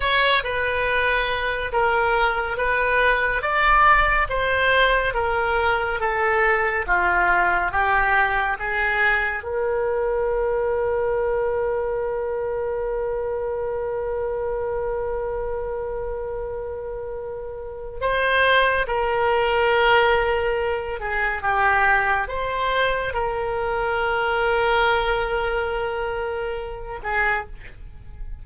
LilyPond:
\new Staff \with { instrumentName = "oboe" } { \time 4/4 \tempo 4 = 70 cis''8 b'4. ais'4 b'4 | d''4 c''4 ais'4 a'4 | f'4 g'4 gis'4 ais'4~ | ais'1~ |
ais'1~ | ais'4 c''4 ais'2~ | ais'8 gis'8 g'4 c''4 ais'4~ | ais'2.~ ais'8 gis'8 | }